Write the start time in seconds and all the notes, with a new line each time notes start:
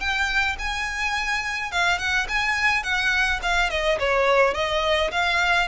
0.00 G5
0.59 G#5
1.71 F5
1.98 F#5
2.28 G#5
2.83 F#5
3.42 F5
3.70 D#5
3.99 C#5
4.54 D#5
5.11 F5